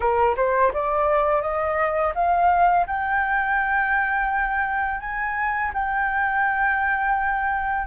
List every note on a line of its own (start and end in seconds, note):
0.00 0.35 A#4
0.36 0.72 C5
0.73 1.41 D5
1.41 2.13 D#5
2.14 2.86 F5
2.86 5.00 G5
5.00 5.71 G#5
5.73 7.87 G5